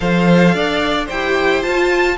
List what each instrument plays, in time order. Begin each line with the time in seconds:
0.00 cello F3, viola A4, violin C5 F5
0.54 cello D4, violin D5
1.06 cello E4, violin C5 G5
1.12 viola G4
1.62 viola F4, cello F4, violin A5